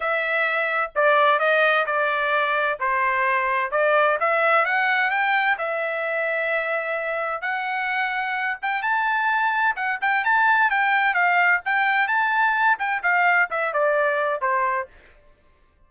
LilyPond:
\new Staff \with { instrumentName = "trumpet" } { \time 4/4 \tempo 4 = 129 e''2 d''4 dis''4 | d''2 c''2 | d''4 e''4 fis''4 g''4 | e''1 |
fis''2~ fis''8 g''8 a''4~ | a''4 fis''8 g''8 a''4 g''4 | f''4 g''4 a''4. g''8 | f''4 e''8 d''4. c''4 | }